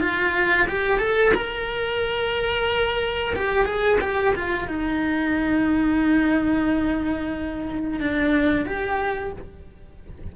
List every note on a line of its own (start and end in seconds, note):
0.00 0.67 F4
0.68 0.99 G4
0.99 1.32 A4
1.34 3.34 A#4
3.35 3.65 G4
3.65 3.98 G#4
4.01 4.34 G4
4.35 4.68 F4
4.68 7.99 D#4
7.99 8.66 D4
8.66 9.32 G4